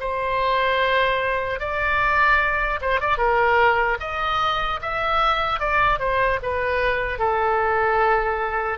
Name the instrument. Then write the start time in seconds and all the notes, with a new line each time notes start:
oboe
0.00 C5
1.60 D5
2.81 C5
3.00 D5
3.17 A#4
4.00 D#5
4.82 E5
5.60 D5
5.99 C5
6.43 B4
7.19 A4